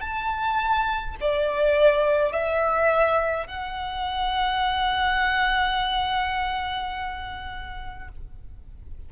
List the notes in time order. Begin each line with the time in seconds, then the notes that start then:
0.00 A5
1.20 D5
2.32 E5
3.47 F#5